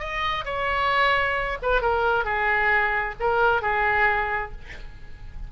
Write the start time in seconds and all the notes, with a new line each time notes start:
0.00 D#5
0.45 C#5
1.63 B4
1.82 A#4
2.25 G#4
3.20 A#4
3.62 G#4